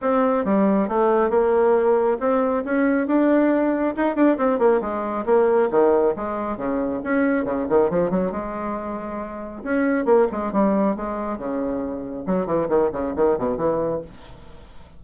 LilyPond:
\new Staff \with { instrumentName = "bassoon" } { \time 4/4 \tempo 4 = 137 c'4 g4 a4 ais4~ | ais4 c'4 cis'4 d'4~ | d'4 dis'8 d'8 c'8 ais8 gis4 | ais4 dis4 gis4 cis4 |
cis'4 cis8 dis8 f8 fis8 gis4~ | gis2 cis'4 ais8 gis8 | g4 gis4 cis2 | fis8 e8 dis8 cis8 dis8 b,8 e4 | }